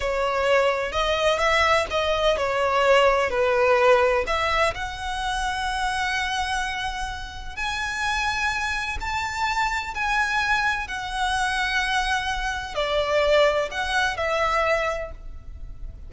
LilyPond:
\new Staff \with { instrumentName = "violin" } { \time 4/4 \tempo 4 = 127 cis''2 dis''4 e''4 | dis''4 cis''2 b'4~ | b'4 e''4 fis''2~ | fis''1 |
gis''2. a''4~ | a''4 gis''2 fis''4~ | fis''2. d''4~ | d''4 fis''4 e''2 | }